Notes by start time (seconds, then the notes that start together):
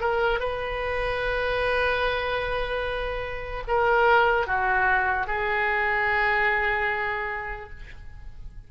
0.00 A#4
0.39 B4
3.67 A#4
4.46 F#4
5.27 G#4